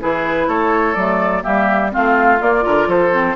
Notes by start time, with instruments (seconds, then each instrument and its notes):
0.00 bassoon E3, clarinet E4, oboe G#4, flute B4
0.47 bassoon A3, oboe A4, flute C#5
0.94 bassoon F#3, clarinet A3, flute D5
1.43 bassoon G3, clarinet A#3, oboe G4, flute E5
1.91 bassoon A3, clarinet C4, oboe F4, flute F5
2.41 bassoon A#3, clarinet A#3, flute D5
2.61 bassoon D3, clarinet F4, oboe A#4
2.87 bassoon F3, oboe A4, flute C5
3.12 clarinet C4